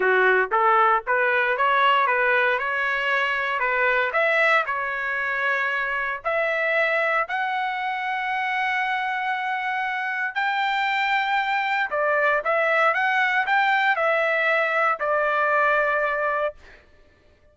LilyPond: \new Staff \with { instrumentName = "trumpet" } { \time 4/4 \tempo 4 = 116 fis'4 a'4 b'4 cis''4 | b'4 cis''2 b'4 | e''4 cis''2. | e''2 fis''2~ |
fis''1 | g''2. d''4 | e''4 fis''4 g''4 e''4~ | e''4 d''2. | }